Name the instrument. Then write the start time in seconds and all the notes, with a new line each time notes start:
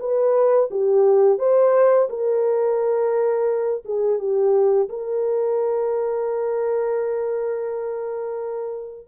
horn
0.00 B4
0.71 G4
1.39 C5
2.10 A#4
3.85 G#4
4.19 G4
4.89 A#4